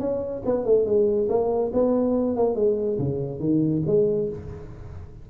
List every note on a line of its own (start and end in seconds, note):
0.00 0.43 C#4
0.46 0.65 B3
0.65 0.86 A3
0.86 1.28 G#3
1.29 1.72 A#3
1.74 2.37 B3
2.37 2.56 A#3
2.56 2.98 G#3
2.99 3.40 C#3
3.40 3.83 D#3
3.87 4.29 G#3